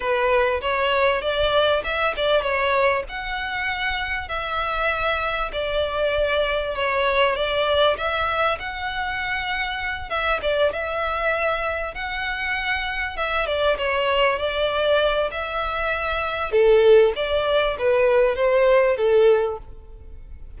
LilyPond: \new Staff \with { instrumentName = "violin" } { \time 4/4 \tempo 4 = 98 b'4 cis''4 d''4 e''8 d''8 | cis''4 fis''2 e''4~ | e''4 d''2 cis''4 | d''4 e''4 fis''2~ |
fis''8 e''8 d''8 e''2 fis''8~ | fis''4. e''8 d''8 cis''4 d''8~ | d''4 e''2 a'4 | d''4 b'4 c''4 a'4 | }